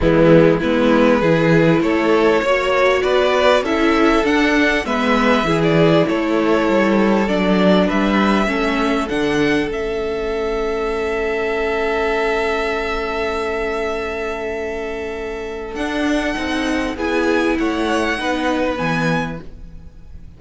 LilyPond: <<
  \new Staff \with { instrumentName = "violin" } { \time 4/4 \tempo 4 = 99 e'4 b'2 cis''4~ | cis''4 d''4 e''4 fis''4 | e''4~ e''16 d''8. cis''2 | d''4 e''2 fis''4 |
e''1~ | e''1~ | e''2 fis''2 | gis''4 fis''2 gis''4 | }
  \new Staff \with { instrumentName = "violin" } { \time 4/4 b4 e'4 gis'4 a'4 | cis''4 b'4 a'2 | b'4 gis'4 a'2~ | a'4 b'4 a'2~ |
a'1~ | a'1~ | a'1 | gis'4 cis''4 b'2 | }
  \new Staff \with { instrumentName = "viola" } { \time 4/4 gis4 b4 e'2 | fis'2 e'4 d'4 | b4 e'2. | d'2 cis'4 d'4 |
cis'1~ | cis'1~ | cis'2 d'4 dis'4 | e'2 dis'4 b4 | }
  \new Staff \with { instrumentName = "cello" } { \time 4/4 e4 gis4 e4 a4 | ais4 b4 cis'4 d'4 | gis4 e4 a4 g4 | fis4 g4 a4 d4 |
a1~ | a1~ | a2 d'4 c'4 | b4 a4 b4 e4 | }
>>